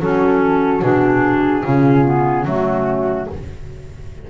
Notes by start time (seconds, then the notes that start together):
0.00 F#3 C#4 F#4 A4
0.82 B2 D4 G#4
1.63 C#3 C#4 F4
2.04 B3
2.45 F#3 A3 C#4 F#4